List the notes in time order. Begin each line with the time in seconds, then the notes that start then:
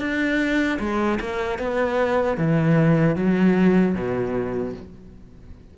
0.00 D4
0.80 G#3
1.21 A#3
1.59 B3
2.38 E3
3.16 F#3
3.95 B2